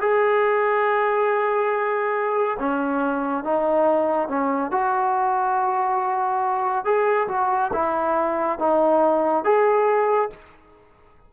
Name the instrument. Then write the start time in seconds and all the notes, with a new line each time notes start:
trombone
0.00 G#4
2.59 C#4
3.44 D#4
4.28 C#4
4.71 F#4
6.84 G#4
7.28 F#4
7.73 E4
8.59 D#4
9.44 G#4